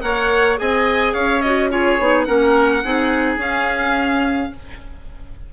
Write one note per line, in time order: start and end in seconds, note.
0.00 0.58 A#3
0.00 0.56 A#4
0.00 0.60 C#5
0.00 0.57 F#5
0.57 1.14 C4
0.57 1.41 G#4
0.57 1.13 D#5
0.57 1.14 G#5
1.13 1.99 C#4
1.13 1.69 C#5
1.13 1.41 F5
1.41 1.70 F#4
1.41 1.70 D#5
1.70 1.98 F4
1.70 2.27 G#4
1.70 2.24 C#5
1.99 2.27 B3
1.99 2.26 D#4
2.24 2.84 A#3
2.24 2.82 C#4
2.24 2.83 A#4
2.24 3.37 F#5
2.83 3.37 C4
2.83 3.39 D#4
2.83 4.53 G#4
3.37 4.49 C#4
3.37 4.51 C#4
3.37 4.53 F5